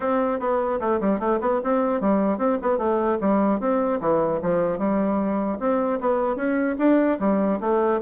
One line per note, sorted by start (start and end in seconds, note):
0.00 0.39 C4
0.39 0.79 B3
0.79 0.99 A3
1.00 1.19 G3
1.19 1.39 A3
1.40 1.60 B3
1.63 2.01 C4
2.01 2.38 G3
2.38 2.58 C4
2.62 2.77 B3
2.77 3.17 A3
3.20 3.60 G3
3.60 4.00 C4
4.00 4.40 E3
4.42 4.78 F3
4.78 5.58 G3
5.59 5.99 C4
6.00 6.36 B3
6.36 6.76 C#4
6.78 7.18 D4
7.19 7.59 G3
7.60 8.00 A3